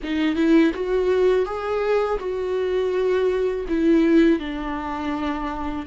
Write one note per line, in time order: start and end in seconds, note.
0.03 0.35 D#4
0.35 0.72 E4
0.74 1.45 F#4
1.45 2.19 G#4
2.19 3.65 F#4
3.68 4.39 E4
4.39 5.85 D4